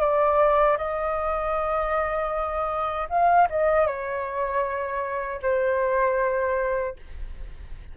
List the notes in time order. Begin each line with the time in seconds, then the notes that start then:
0.00 D5
0.77 D#5
3.09 F5
3.50 D#5
3.87 C#5
5.42 C5